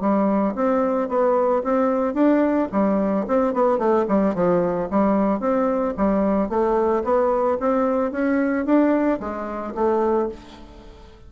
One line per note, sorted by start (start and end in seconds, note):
0.00 0.54 G3
0.55 1.09 C4
1.09 1.63 B3
1.63 2.14 C4
2.14 2.68 D4
2.71 3.26 G3
3.28 3.53 C4
3.53 3.78 B3
3.78 4.05 A3
4.08 4.34 G3
4.34 4.88 F3
4.90 5.40 G3
5.40 5.94 C4
5.97 6.49 G3
6.49 7.03 A3
7.03 7.57 B3
7.60 8.11 C4
8.11 8.65 C#4
8.65 9.19 D4
9.20 9.74 G#3
9.74 10.28 A3